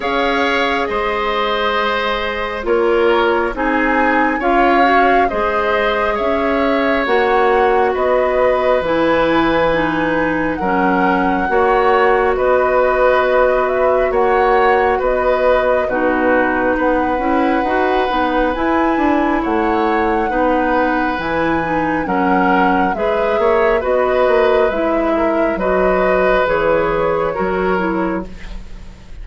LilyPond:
<<
  \new Staff \with { instrumentName = "flute" } { \time 4/4 \tempo 4 = 68 f''4 dis''2 cis''4 | gis''4 f''4 dis''4 e''4 | fis''4 dis''4 gis''2 | fis''2 dis''4. e''8 |
fis''4 dis''4 b'4 fis''4~ | fis''4 gis''4 fis''2 | gis''4 fis''4 e''4 dis''4 | e''4 dis''4 cis''2 | }
  \new Staff \with { instrumentName = "oboe" } { \time 4/4 cis''4 c''2 ais'4 | gis'4 cis''4 c''4 cis''4~ | cis''4 b'2. | ais'4 cis''4 b'2 |
cis''4 b'4 fis'4 b'4~ | b'2 cis''4 b'4~ | b'4 ais'4 b'8 cis''8 b'4~ | b'8 ais'8 b'2 ais'4 | }
  \new Staff \with { instrumentName = "clarinet" } { \time 4/4 gis'2. f'4 | dis'4 f'8 fis'8 gis'2 | fis'2 e'4 dis'4 | cis'4 fis'2.~ |
fis'2 dis'4. e'8 | fis'8 dis'8 e'2 dis'4 | e'8 dis'8 cis'4 gis'4 fis'4 | e'4 fis'4 gis'4 fis'8 e'8 | }
  \new Staff \with { instrumentName = "bassoon" } { \time 4/4 cis'4 gis2 ais4 | c'4 cis'4 gis4 cis'4 | ais4 b4 e2 | fis4 ais4 b2 |
ais4 b4 b,4 b8 cis'8 | dis'8 b8 e'8 d'8 a4 b4 | e4 fis4 gis8 ais8 b8 ais8 | gis4 fis4 e4 fis4 | }
>>